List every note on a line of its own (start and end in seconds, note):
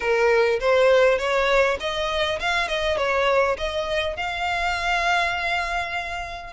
0.00 0.59 A#4
0.60 1.18 C5
1.18 1.77 C#5
1.80 2.39 D#5
2.39 2.67 F5
2.67 2.97 D#5
2.97 3.56 C#5
3.57 4.16 D#5
4.16 6.53 F5